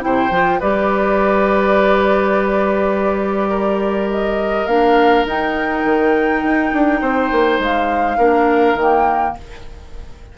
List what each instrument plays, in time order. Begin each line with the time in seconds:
0.00 bassoon C3, clarinet E4, oboe C5, flute G5
0.30 bassoon F3, clarinet F4
0.59 bassoon G3, clarinet G4, oboe B4, flute D5
3.49 oboe A#4
4.10 flute D#5
4.66 bassoon A#3, clarinet D4, flute F5
5.25 bassoon D#4, clarinet D#4, flute G5
5.84 bassoon D#3
6.42 bassoon D#4
6.72 bassoon D4
7.01 bassoon C4, oboe C5
7.31 bassoon A#3
7.59 bassoon G#3, flute F5
8.17 bassoon A#3, clarinet D4, oboe A#4
8.74 bassoon D#3, clarinet A#3, flute G5